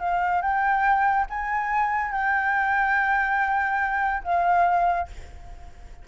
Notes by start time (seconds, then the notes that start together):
0.00 F5
0.42 G5
1.30 G#5
2.12 G5
4.24 F5